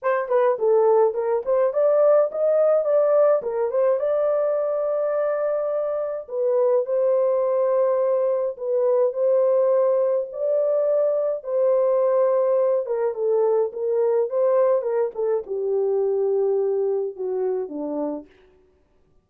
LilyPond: \new Staff \with { instrumentName = "horn" } { \time 4/4 \tempo 4 = 105 c''8 b'8 a'4 ais'8 c''8 d''4 | dis''4 d''4 ais'8 c''8 d''4~ | d''2. b'4 | c''2. b'4 |
c''2 d''2 | c''2~ c''8 ais'8 a'4 | ais'4 c''4 ais'8 a'8 g'4~ | g'2 fis'4 d'4 | }